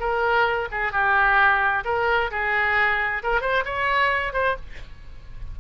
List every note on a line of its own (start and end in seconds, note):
0.00 0.69 A#4
0.72 0.93 G#4
0.93 1.84 G4
1.85 2.31 A#4
2.32 3.23 G#4
3.23 3.41 A#4
3.41 3.64 C5
3.66 4.33 C#5
4.33 4.56 C5